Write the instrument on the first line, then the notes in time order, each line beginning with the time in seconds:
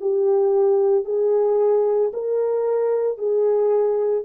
horn
0.00 G4
1.04 G#4
2.13 A#4
3.18 G#4